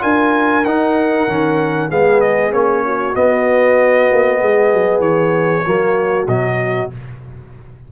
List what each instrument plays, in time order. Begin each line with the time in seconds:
0.00 tuba D4, trombone F4, horn A#4, trumpet G#5
0.65 tuba D#4, trombone D#4, trumpet F#5
1.28 tuba D#3, trombone C#4
1.90 tuba G#3, trombone B3, horn G#4, trumpet F5
2.21 trumpet D#5
2.52 tuba A#3, trombone C#4, trumpet C#5
2.86 horn F#4
3.15 trombone B3, tuba B3, trumpet D#5
4.12 tuba A#3
4.41 tuba G#3, horn G#4
4.73 tuba F#3
5.00 tuba E3, trumpet C#5
5.65 tuba F#3, trombone A#3, horn F#4
6.27 tuba B2, trombone F#3, trumpet D#5